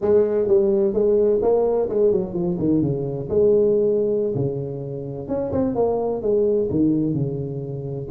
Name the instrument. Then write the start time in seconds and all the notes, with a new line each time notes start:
tuba
0.01 G#3
0.47 G3
0.93 G#3
1.42 A#3
1.89 G#3
2.12 F#3
2.33 F3
2.58 D#3
2.81 C#3
3.29 G#3
4.34 C#3
5.28 C#4
5.52 C4
5.75 A#3
6.22 G#3
6.70 D#3
7.13 C#3